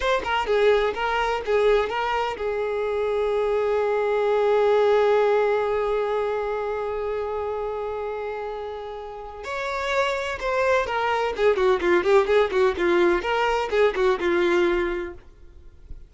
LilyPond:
\new Staff \with { instrumentName = "violin" } { \time 4/4 \tempo 4 = 127 c''8 ais'8 gis'4 ais'4 gis'4 | ais'4 gis'2.~ | gis'1~ | gis'1~ |
gis'1 | cis''2 c''4 ais'4 | gis'8 fis'8 f'8 g'8 gis'8 fis'8 f'4 | ais'4 gis'8 fis'8 f'2 | }